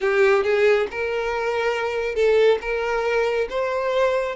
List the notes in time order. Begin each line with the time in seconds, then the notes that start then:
0.00 G4
0.43 G#4
0.90 A#4
2.15 A4
2.61 A#4
3.49 C5